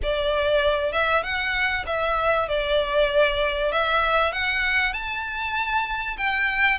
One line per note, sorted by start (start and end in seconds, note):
0.03 0.92 D5
0.92 1.23 E5
1.23 1.85 F#5
1.86 2.48 E5
2.48 3.71 D5
3.71 4.32 E5
4.32 4.93 F#5
4.93 6.16 A5
6.17 6.78 G5